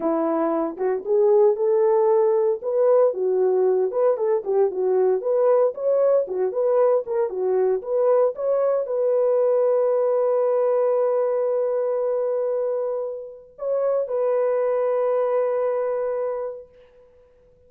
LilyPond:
\new Staff \with { instrumentName = "horn" } { \time 4/4 \tempo 4 = 115 e'4. fis'8 gis'4 a'4~ | a'4 b'4 fis'4. b'8 | a'8 g'8 fis'4 b'4 cis''4 | fis'8 b'4 ais'8 fis'4 b'4 |
cis''4 b'2.~ | b'1~ | b'2 cis''4 b'4~ | b'1 | }